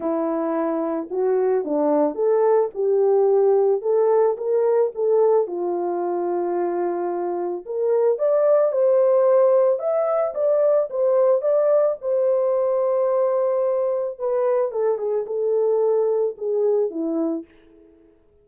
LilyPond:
\new Staff \with { instrumentName = "horn" } { \time 4/4 \tempo 4 = 110 e'2 fis'4 d'4 | a'4 g'2 a'4 | ais'4 a'4 f'2~ | f'2 ais'4 d''4 |
c''2 e''4 d''4 | c''4 d''4 c''2~ | c''2 b'4 a'8 gis'8 | a'2 gis'4 e'4 | }